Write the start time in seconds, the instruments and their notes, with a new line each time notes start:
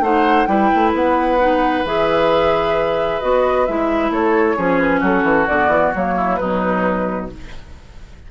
0.00 bassoon A3, clarinet D#4, oboe C5, flute F#5
0.46 bassoon G3, clarinet E4, oboe B4, flute G5
0.75 bassoon A3
0.94 bassoon B3, flute F#5
1.40 clarinet D#4
1.85 bassoon E3, clarinet G#4, flute E5
3.21 bassoon B3, clarinet F#4, flute D#5
3.66 bassoon G#3, clarinet E4, flute E5
4.10 bassoon A3, oboe A4, flute C#5
4.57 bassoon F3, clarinet C#4, oboe G#4
4.79 flute B4
5.00 bassoon F#3, oboe F#4, flute A4
5.23 bassoon E3
5.48 bassoon D3, clarinet B3, flute D5
5.68 bassoon E3
5.95 bassoon F#3, clarinet A#3, flute C#5
6.17 oboe E4
6.36 bassoon B2, clarinet F#3, oboe D#4, flute B4